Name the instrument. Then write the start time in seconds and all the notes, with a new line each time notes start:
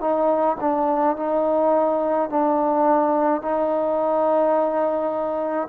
trombone
0.00 D#4
0.60 D4
1.16 D#4
2.30 D4
3.41 D#4